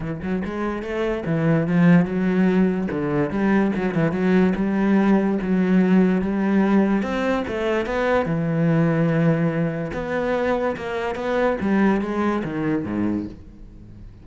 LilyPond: \new Staff \with { instrumentName = "cello" } { \time 4/4 \tempo 4 = 145 e8 fis8 gis4 a4 e4 | f4 fis2 d4 | g4 fis8 e8 fis4 g4~ | g4 fis2 g4~ |
g4 c'4 a4 b4 | e1 | b2 ais4 b4 | g4 gis4 dis4 gis,4 | }